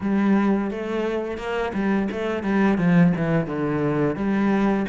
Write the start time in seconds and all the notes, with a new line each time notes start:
0.01 G3
0.70 A3
1.37 A#3
1.73 G3
2.11 A3
2.43 G3
2.77 F3
3.16 E3
3.46 D3
4.16 G3